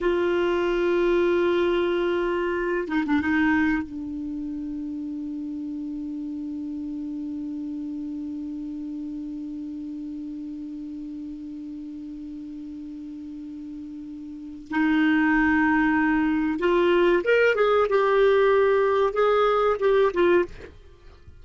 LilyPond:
\new Staff \with { instrumentName = "clarinet" } { \time 4/4 \tempo 4 = 94 f'1~ | f'8 dis'16 d'16 dis'4 d'2~ | d'1~ | d'1~ |
d'1~ | d'2. dis'4~ | dis'2 f'4 ais'8 gis'8 | g'2 gis'4 g'8 f'8 | }